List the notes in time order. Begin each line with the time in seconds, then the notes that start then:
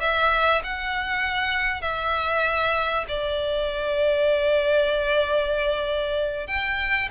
0.00 E5
0.63 F#5
1.81 E5
3.08 D5
6.47 G5